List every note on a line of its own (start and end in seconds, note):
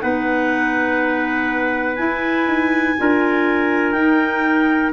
0.00 1.99 B3
0.00 1.97 D#4
0.00 2.98 B4
0.00 1.96 F#5
1.96 2.95 E4
1.96 2.47 E4
1.96 3.92 G#5
2.47 2.96 D#4
2.98 3.92 D4
2.98 3.96 F4
2.98 4.93 A#4
3.92 4.91 D#4
3.92 4.93 D#4
3.92 4.90 G5